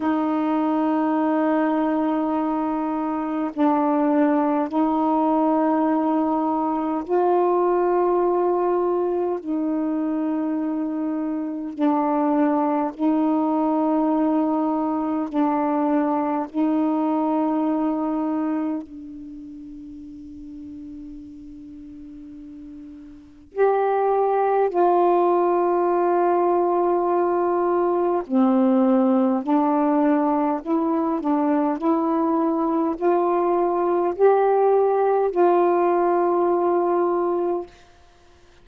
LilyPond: \new Staff \with { instrumentName = "saxophone" } { \time 4/4 \tempo 4 = 51 dis'2. d'4 | dis'2 f'2 | dis'2 d'4 dis'4~ | dis'4 d'4 dis'2 |
d'1 | g'4 f'2. | c'4 d'4 e'8 d'8 e'4 | f'4 g'4 f'2 | }